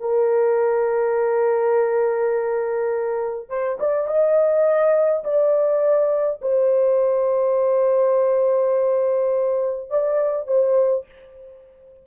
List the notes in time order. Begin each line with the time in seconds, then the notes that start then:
0.00 A#4
3.49 C5
3.80 D5
4.07 D#5
5.24 D5
6.42 C5
9.90 D5
10.47 C5